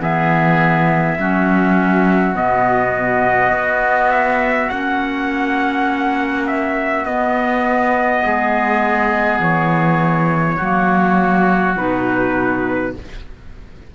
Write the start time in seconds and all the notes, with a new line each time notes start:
0.00 E3 B3 G#4 E5
1.19 F#3 C#4 F#4
2.36 B2 B3 D#5
3.52 B3
4.11 E5
4.70 A#3 C#4 F#5
6.48 E5
7.06 B3 D#5
8.25 G#3 G#4
9.40 E3 C#5
10.57 F#3 A#3 F#4
11.77 B2 D#4 B4